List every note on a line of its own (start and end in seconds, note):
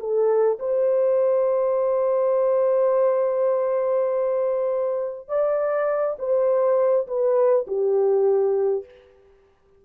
0.00 0.59 A4
0.60 5.29 C5
5.29 6.17 D5
6.19 7.07 C5
7.08 7.67 B4
7.67 8.85 G4